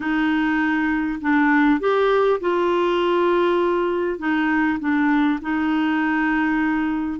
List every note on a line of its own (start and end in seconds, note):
0.00 1.19 D#4
1.21 1.80 D4
1.80 2.40 G4
2.40 4.18 F4
4.18 4.78 D#4
4.79 5.39 D4
5.41 7.20 D#4